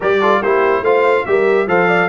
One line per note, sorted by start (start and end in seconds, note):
0.00 0.41 G3
0.00 0.21 G4
0.00 0.19 A#4
0.00 0.42 D5
0.21 0.42 F4
0.21 0.42 A4
0.41 0.81 A#3
0.41 0.85 E4
0.41 0.84 G4
0.41 0.84 C5
0.81 1.23 A3
0.81 1.26 F4
0.81 1.26 C5
0.81 1.25 F5
1.25 1.67 G3
1.25 1.67 G4
1.25 1.68 A#4
1.25 1.67 E5
1.67 2.08 F3
1.67 2.09 A4
1.67 1.88 C5
1.67 2.09 F5
1.88 2.09 D5